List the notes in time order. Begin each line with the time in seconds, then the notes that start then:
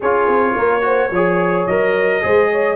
0.00 C#4 F4 G#4 C#5
0.27 C4
0.56 A#3 A#4
0.81 F#4 C5
1.10 F3 G#4 C#5
1.66 F#3 A#4 D#5
2.22 G#3 G#4 C5
2.51 C#5